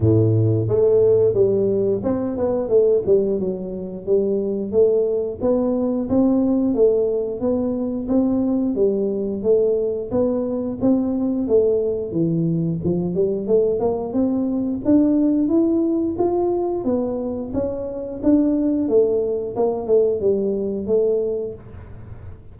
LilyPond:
\new Staff \with { instrumentName = "tuba" } { \time 4/4 \tempo 4 = 89 a,4 a4 g4 c'8 b8 | a8 g8 fis4 g4 a4 | b4 c'4 a4 b4 | c'4 g4 a4 b4 |
c'4 a4 e4 f8 g8 | a8 ais8 c'4 d'4 e'4 | f'4 b4 cis'4 d'4 | a4 ais8 a8 g4 a4 | }